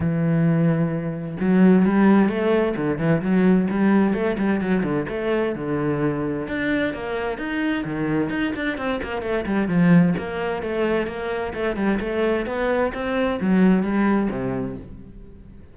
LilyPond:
\new Staff \with { instrumentName = "cello" } { \time 4/4 \tempo 4 = 130 e2. fis4 | g4 a4 d8 e8 fis4 | g4 a8 g8 fis8 d8 a4 | d2 d'4 ais4 |
dis'4 dis4 dis'8 d'8 c'8 ais8 | a8 g8 f4 ais4 a4 | ais4 a8 g8 a4 b4 | c'4 fis4 g4 c4 | }